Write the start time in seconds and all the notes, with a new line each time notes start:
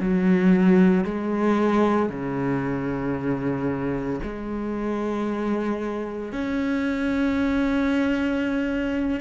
0.00 F#3
1.05 G#3
2.09 C#3
4.23 G#3
6.33 C#4